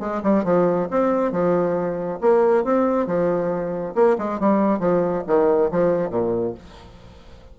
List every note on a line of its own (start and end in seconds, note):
0.00 0.22 G#3
0.23 0.44 G3
0.44 0.88 F3
0.91 1.32 C4
1.32 2.20 F3
2.21 2.64 A#3
2.64 3.07 C4
3.07 3.94 F3
3.95 4.17 A#3
4.18 4.40 G#3
4.40 4.80 G3
4.80 5.23 F3
5.27 5.71 D#3
5.72 6.10 F3
6.10 6.54 A#2